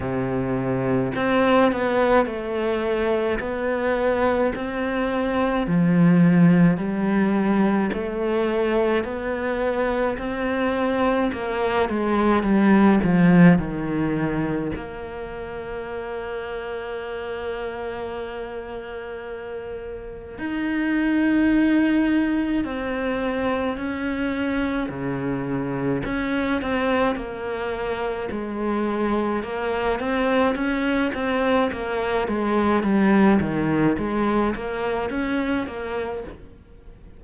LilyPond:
\new Staff \with { instrumentName = "cello" } { \time 4/4 \tempo 4 = 53 c4 c'8 b8 a4 b4 | c'4 f4 g4 a4 | b4 c'4 ais8 gis8 g8 f8 | dis4 ais2.~ |
ais2 dis'2 | c'4 cis'4 cis4 cis'8 c'8 | ais4 gis4 ais8 c'8 cis'8 c'8 | ais8 gis8 g8 dis8 gis8 ais8 cis'8 ais8 | }